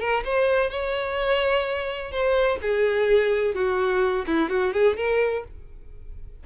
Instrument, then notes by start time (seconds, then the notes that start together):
violin
0.00 A#4
0.25 C5
0.70 C#5
2.12 C5
2.62 G#4
3.55 F#4
4.27 E4
4.50 F#4
4.73 G#4
4.97 A#4